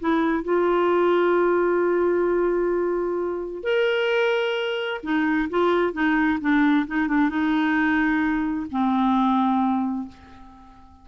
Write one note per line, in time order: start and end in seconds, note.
0.00 0.44 E4
0.44 3.64 F4
3.64 5.01 A#4
5.04 5.49 D#4
5.50 5.94 F4
5.94 6.39 D#4
6.41 6.87 D4
6.87 7.08 D#4
7.08 7.30 D4
7.30 8.67 D#4
8.71 10.09 C4